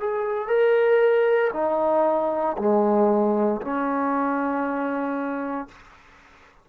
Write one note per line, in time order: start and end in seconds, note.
0.00 0.48 G#4
0.48 1.51 A#4
1.53 2.57 D#4
2.58 3.61 G#3
3.62 5.68 C#4